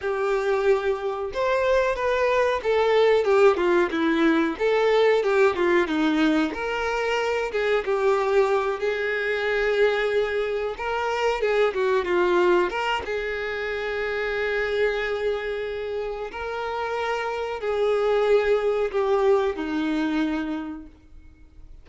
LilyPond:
\new Staff \with { instrumentName = "violin" } { \time 4/4 \tempo 4 = 92 g'2 c''4 b'4 | a'4 g'8 f'8 e'4 a'4 | g'8 f'8 dis'4 ais'4. gis'8 | g'4. gis'2~ gis'8~ |
gis'8 ais'4 gis'8 fis'8 f'4 ais'8 | gis'1~ | gis'4 ais'2 gis'4~ | gis'4 g'4 dis'2 | }